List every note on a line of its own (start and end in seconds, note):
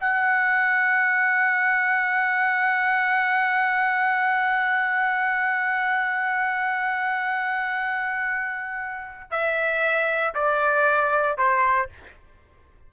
0.00 9.31 F#5
9.31 10.34 E5
10.34 11.38 D5
11.38 11.89 C5